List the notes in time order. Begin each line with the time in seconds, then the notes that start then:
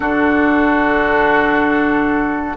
0.00 D3 D4 F#4 A4